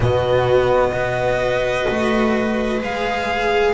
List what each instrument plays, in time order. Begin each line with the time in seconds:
0.00 double bass B2, cello B3, viola F#4, violin D#5
0.91 double bass B3, cello F#4, viola B4
1.88 double bass A3
2.79 double bass G#3, cello G#4, violin F5